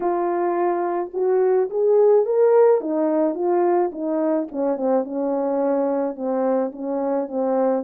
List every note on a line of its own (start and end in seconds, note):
0.00 1.10 F4
1.13 1.69 F#4
1.70 2.25 G#4
2.25 2.80 A#4
2.80 3.34 D#4
3.34 3.90 F4
3.92 4.48 D#4
4.51 4.76 C#4
4.76 5.04 C4
5.04 6.15 C#4
6.15 6.71 C4
6.72 7.27 C#4
7.27 7.83 C4